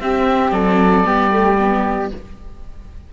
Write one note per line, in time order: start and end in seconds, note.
0.00 1.05 C4
0.00 0.52 C4
0.00 0.54 G4
0.00 0.51 E5
0.51 1.05 F#3
0.51 1.07 A4
0.51 2.11 D5
1.05 2.12 G3
1.05 1.31 B3
1.05 2.13 G4
1.31 1.58 A3
1.59 2.12 B3